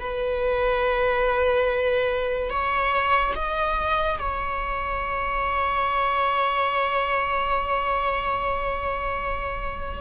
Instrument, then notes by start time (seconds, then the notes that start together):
viola
0.00 B4
2.50 C#5
3.35 D#5
4.19 C#5